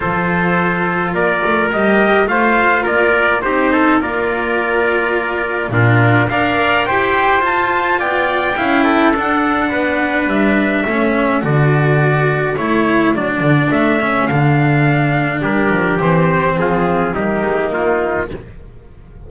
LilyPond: <<
  \new Staff \with { instrumentName = "trumpet" } { \time 4/4 \tempo 4 = 105 c''2 d''4 dis''4 | f''4 d''4 c''4 d''4~ | d''2 ais'4 f''4 | g''4 a''4 g''2 |
fis''2 e''2 | d''2 cis''4 d''4 | e''4 f''2 ais'4 | c''4 gis'4 g'4 f'4 | }
  \new Staff \with { instrumentName = "trumpet" } { \time 4/4 a'2 ais'2 | c''4 ais'4 g'8 a'8 ais'4~ | ais'2 f'4 d''4 | c''2 d''4 f''8 a'8~ |
a'4 b'2 a'4~ | a'1~ | a'2. g'4~ | g'4 f'4 dis'2 | }
  \new Staff \with { instrumentName = "cello" } { \time 4/4 f'2. g'4 | f'2 dis'4 f'4~ | f'2 d'4 ais'4 | g'4 f'2 e'4 |
d'2. cis'4 | fis'2 e'4 d'4~ | d'8 cis'8 d'2. | c'2 ais2 | }
  \new Staff \with { instrumentName = "double bass" } { \time 4/4 f2 ais8 a8 g4 | a4 ais4 c'4 ais4~ | ais2 ais,4 d'4 | e'4 f'4 b4 cis'4 |
d'4 b4 g4 a4 | d2 a4 fis8 d8 | a4 d2 g8 f8 | e4 f4 g8 gis8 ais4 | }
>>